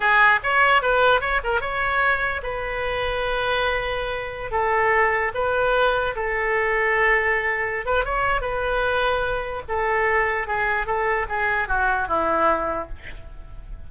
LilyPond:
\new Staff \with { instrumentName = "oboe" } { \time 4/4 \tempo 4 = 149 gis'4 cis''4 b'4 cis''8 ais'8 | cis''2 b'2~ | b'2.~ b'16 a'8.~ | a'4~ a'16 b'2 a'8.~ |
a'2.~ a'8 b'8 | cis''4 b'2. | a'2 gis'4 a'4 | gis'4 fis'4 e'2 | }